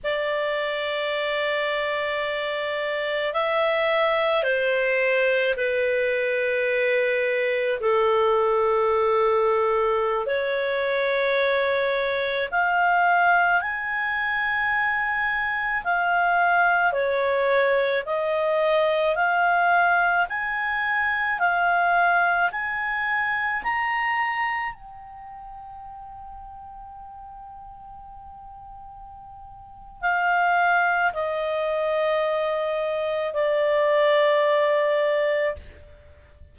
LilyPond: \new Staff \with { instrumentName = "clarinet" } { \time 4/4 \tempo 4 = 54 d''2. e''4 | c''4 b'2 a'4~ | a'4~ a'16 cis''2 f''8.~ | f''16 gis''2 f''4 cis''8.~ |
cis''16 dis''4 f''4 gis''4 f''8.~ | f''16 gis''4 ais''4 g''4.~ g''16~ | g''2. f''4 | dis''2 d''2 | }